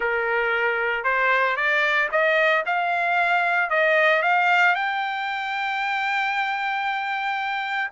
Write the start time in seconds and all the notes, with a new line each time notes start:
0.00 A#4
1.04 C5
1.56 D5
2.11 D#5
2.66 F5
3.70 D#5
4.22 F5
4.75 G5